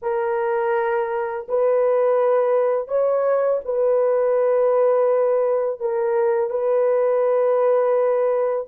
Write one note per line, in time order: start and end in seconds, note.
0.02 1.46 A#4
1.48 2.88 B4
2.88 3.60 C#5
3.64 5.80 B4
5.80 6.50 A#4
6.50 8.66 B4